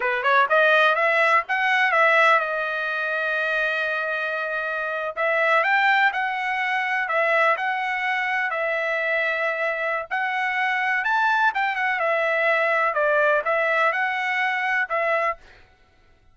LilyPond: \new Staff \with { instrumentName = "trumpet" } { \time 4/4 \tempo 4 = 125 b'8 cis''8 dis''4 e''4 fis''4 | e''4 dis''2.~ | dis''2~ dis''8. e''4 g''16~ | g''8. fis''2 e''4 fis''16~ |
fis''4.~ fis''16 e''2~ e''16~ | e''4 fis''2 a''4 | g''8 fis''8 e''2 d''4 | e''4 fis''2 e''4 | }